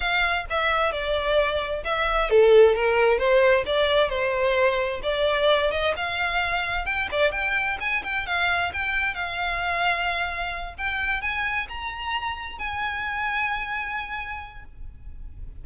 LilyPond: \new Staff \with { instrumentName = "violin" } { \time 4/4 \tempo 4 = 131 f''4 e''4 d''2 | e''4 a'4 ais'4 c''4 | d''4 c''2 d''4~ | d''8 dis''8 f''2 g''8 d''8 |
g''4 gis''8 g''8 f''4 g''4 | f''2.~ f''8 g''8~ | g''8 gis''4 ais''2 gis''8~ | gis''1 | }